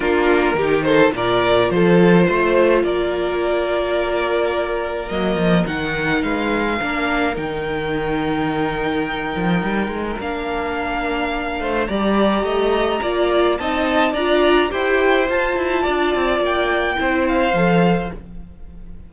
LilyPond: <<
  \new Staff \with { instrumentName = "violin" } { \time 4/4 \tempo 4 = 106 ais'4. c''8 d''4 c''4~ | c''4 d''2.~ | d''4 dis''4 fis''4 f''4~ | f''4 g''2.~ |
g''2 f''2~ | f''4 ais''2. | a''4 ais''4 g''4 a''4~ | a''4 g''4. f''4. | }
  \new Staff \with { instrumentName = "violin" } { \time 4/4 f'4 g'8 a'8 ais'4 a'4 | c''4 ais'2.~ | ais'2. b'4 | ais'1~ |
ais'1~ | ais'8 c''8 d''4 dis''4 d''4 | dis''4 d''4 c''2 | d''2 c''2 | }
  \new Staff \with { instrumentName = "viola" } { \time 4/4 d'4 dis'4 f'2~ | f'1~ | f'4 ais4 dis'2 | d'4 dis'2.~ |
dis'2 d'2~ | d'4 g'2 f'4 | dis'4 f'4 g'4 f'4~ | f'2 e'4 a'4 | }
  \new Staff \with { instrumentName = "cello" } { \time 4/4 ais4 dis4 ais,4 f4 | a4 ais2.~ | ais4 fis8 f8 dis4 gis4 | ais4 dis2.~ |
dis8 f8 g8 gis8 ais2~ | ais8 a8 g4 a4 ais4 | c'4 d'4 e'4 f'8 e'8 | d'8 c'8 ais4 c'4 f4 | }
>>